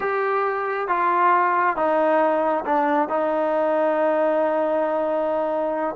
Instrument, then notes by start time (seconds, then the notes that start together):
trombone
0.00 G4
0.88 F4
1.76 D#4
2.65 D4
3.08 D#4